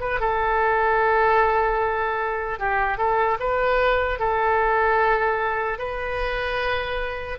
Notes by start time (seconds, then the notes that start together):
0.00 B4
0.20 A4
2.59 G4
2.97 A4
3.40 B4
4.19 A4
5.78 B4